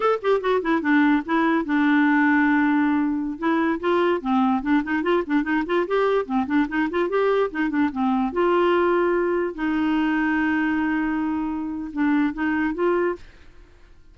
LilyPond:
\new Staff \with { instrumentName = "clarinet" } { \time 4/4 \tempo 4 = 146 a'8 g'8 fis'8 e'8 d'4 e'4 | d'1~ | d'16 e'4 f'4 c'4 d'8 dis'16~ | dis'16 f'8 d'8 dis'8 f'8 g'4 c'8 d'16~ |
d'16 dis'8 f'8 g'4 dis'8 d'8 c'8.~ | c'16 f'2. dis'8.~ | dis'1~ | dis'4 d'4 dis'4 f'4 | }